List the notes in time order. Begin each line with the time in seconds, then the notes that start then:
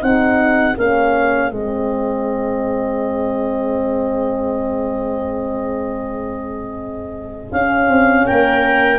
0.00 C4 D#4 G#4 F#5
0.77 A#3 C#4 F5
1.51 G#3 C4 D#5
7.52 C#4 F5
7.88 C4
8.26 A#3 A#4 G5